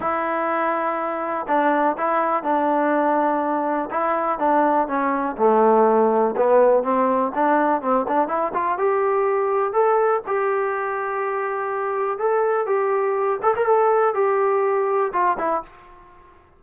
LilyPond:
\new Staff \with { instrumentName = "trombone" } { \time 4/4 \tempo 4 = 123 e'2. d'4 | e'4 d'2. | e'4 d'4 cis'4 a4~ | a4 b4 c'4 d'4 |
c'8 d'8 e'8 f'8 g'2 | a'4 g'2.~ | g'4 a'4 g'4. a'16 ais'16 | a'4 g'2 f'8 e'8 | }